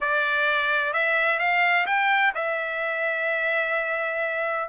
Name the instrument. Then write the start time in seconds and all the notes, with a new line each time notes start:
trumpet
0.00 D5
0.93 E5
1.39 F5
1.86 G5
2.35 E5